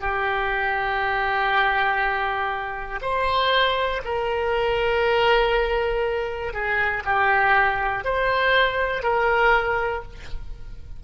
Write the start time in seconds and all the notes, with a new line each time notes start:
0.00 G4
3.02 C5
4.04 A#4
6.53 G#4
7.05 G4
8.05 C5
9.02 A#4